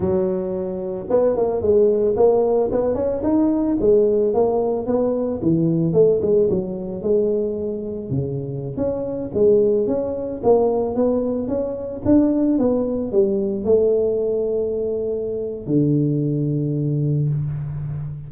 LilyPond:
\new Staff \with { instrumentName = "tuba" } { \time 4/4 \tempo 4 = 111 fis2 b8 ais8 gis4 | ais4 b8 cis'8 dis'4 gis4 | ais4 b4 e4 a8 gis8 | fis4 gis2 cis4~ |
cis16 cis'4 gis4 cis'4 ais8.~ | ais16 b4 cis'4 d'4 b8.~ | b16 g4 a2~ a8.~ | a4 d2. | }